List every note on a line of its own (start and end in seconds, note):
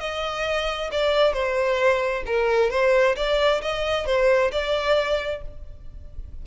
0.00 0.90 D#5
0.92 1.33 D5
1.33 2.23 C5
2.26 2.70 A#4
2.70 3.15 C5
3.16 3.61 D5
3.62 4.06 D#5
4.06 4.51 C5
4.52 5.42 D5